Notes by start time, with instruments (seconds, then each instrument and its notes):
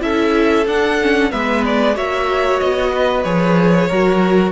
0.00 cello C#4, viola E4, violin A4 E5
0.66 cello D4, viola D4, violin F#5
1.01 viola C#4
1.31 cello G#3, viola B3, violin B4 E5
1.65 violin D5
1.94 cello A#3, viola F#4, violin C#5 E5
2.59 cello B3, violin D#5
2.92 violin B4
3.24 cello F3, viola G#4, violin C#5
3.88 cello F#3, viola F#4, violin A#4